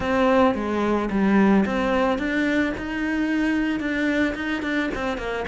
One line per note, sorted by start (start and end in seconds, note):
0.00 0.54 C4
0.54 1.09 G#3
1.10 1.64 G3
1.65 2.18 C4
2.18 2.72 D4
2.77 3.80 D#4
3.80 4.34 D4
4.35 4.62 D#4
4.62 4.89 D4
4.94 5.17 C4
5.17 5.44 A#3